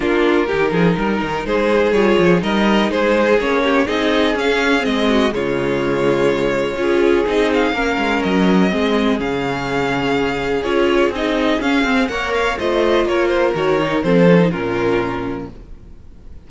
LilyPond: <<
  \new Staff \with { instrumentName = "violin" } { \time 4/4 \tempo 4 = 124 ais'2. c''4 | cis''4 dis''4 c''4 cis''4 | dis''4 f''4 dis''4 cis''4~ | cis''2. dis''8 f''8~ |
f''4 dis''2 f''4~ | f''2 cis''4 dis''4 | f''4 fis''8 f''8 dis''4 cis''8 c''8 | cis''4 c''4 ais'2 | }
  \new Staff \with { instrumentName = "violin" } { \time 4/4 f'4 g'8 gis'8 ais'4 gis'4~ | gis'4 ais'4 gis'4. g'8 | gis'2~ gis'8 fis'8 f'4~ | f'2 gis'2 |
ais'2 gis'2~ | gis'1~ | gis'4 cis''4 c''4 ais'4~ | ais'4 a'4 f'2 | }
  \new Staff \with { instrumentName = "viola" } { \time 4/4 d'4 dis'2. | f'4 dis'2 cis'4 | dis'4 cis'4 c'4 gis4~ | gis2 f'4 dis'4 |
cis'2 c'4 cis'4~ | cis'2 f'4 dis'4 | cis'8 c'8 ais'4 f'2 | fis'8 dis'8 c'8 cis'16 dis'16 cis'2 | }
  \new Staff \with { instrumentName = "cello" } { \time 4/4 ais4 dis8 f8 g8 dis8 gis4 | g8 f8 g4 gis4 ais4 | c'4 cis'4 gis4 cis4~ | cis2 cis'4 c'4 |
ais8 gis8 fis4 gis4 cis4~ | cis2 cis'4 c'4 | cis'8 c'8 ais4 a4 ais4 | dis4 f4 ais,2 | }
>>